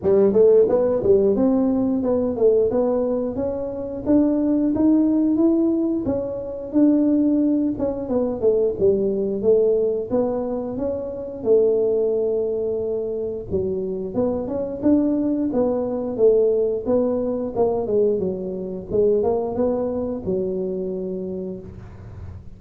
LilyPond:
\new Staff \with { instrumentName = "tuba" } { \time 4/4 \tempo 4 = 89 g8 a8 b8 g8 c'4 b8 a8 | b4 cis'4 d'4 dis'4 | e'4 cis'4 d'4. cis'8 | b8 a8 g4 a4 b4 |
cis'4 a2. | fis4 b8 cis'8 d'4 b4 | a4 b4 ais8 gis8 fis4 | gis8 ais8 b4 fis2 | }